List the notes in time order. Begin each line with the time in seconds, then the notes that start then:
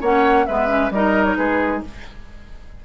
0.00 A#3 C#4 C#5 F#5
0.46 G#3 B3 B4 E5
0.67 C#4
0.90 G3 D#4 A#4 D#5
1.24 C#5
1.36 G#3 G#4 B4